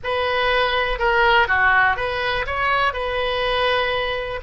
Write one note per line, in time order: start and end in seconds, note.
0.03 0.98 B4
0.98 1.47 A#4
1.47 1.96 F#4
1.96 2.45 B4
2.46 2.93 C#5
2.93 4.40 B4